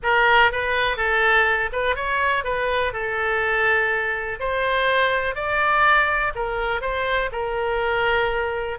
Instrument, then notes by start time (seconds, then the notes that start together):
oboe
0.02 A#4
0.51 B4
0.96 A4
1.72 B4
1.95 C#5
2.44 B4
2.92 A4
4.39 C5
5.35 D5
6.35 A#4
6.81 C5
7.32 A#4